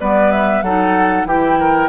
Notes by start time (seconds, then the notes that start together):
0.00 G3 B3 B4 D5
0.32 E5
0.62 F#3 D#4 A4 F#5
1.25 E3 E4 G4 G5
1.60 A#4